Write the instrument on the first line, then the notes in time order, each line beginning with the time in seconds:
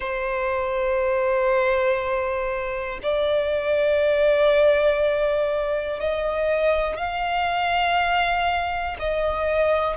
violin
0.00 C5
3.03 D5
6.00 D#5
6.96 F5
8.99 D#5